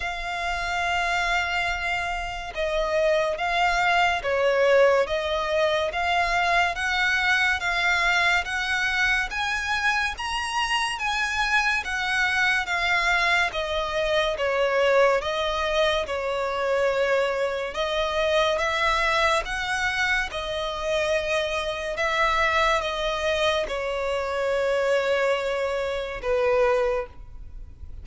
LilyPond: \new Staff \with { instrumentName = "violin" } { \time 4/4 \tempo 4 = 71 f''2. dis''4 | f''4 cis''4 dis''4 f''4 | fis''4 f''4 fis''4 gis''4 | ais''4 gis''4 fis''4 f''4 |
dis''4 cis''4 dis''4 cis''4~ | cis''4 dis''4 e''4 fis''4 | dis''2 e''4 dis''4 | cis''2. b'4 | }